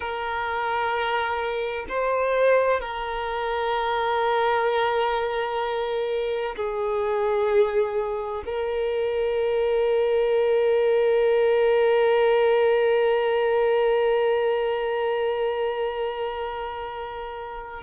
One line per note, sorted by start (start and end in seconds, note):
0.00 1.86 A#4
1.88 2.80 C5
2.80 6.55 A#4
6.56 8.43 G#4
8.45 17.83 A#4